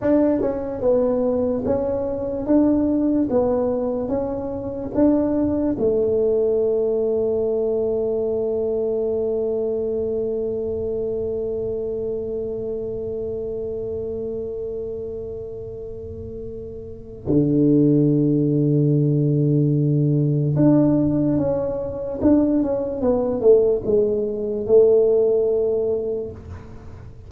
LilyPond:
\new Staff \with { instrumentName = "tuba" } { \time 4/4 \tempo 4 = 73 d'8 cis'8 b4 cis'4 d'4 | b4 cis'4 d'4 a4~ | a1~ | a1~ |
a1~ | a4 d2.~ | d4 d'4 cis'4 d'8 cis'8 | b8 a8 gis4 a2 | }